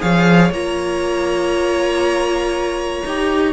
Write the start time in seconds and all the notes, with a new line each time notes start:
0.00 F3 G#4 C#5 F5
0.51 A#3 F4 A#5
3.05 D#4 G4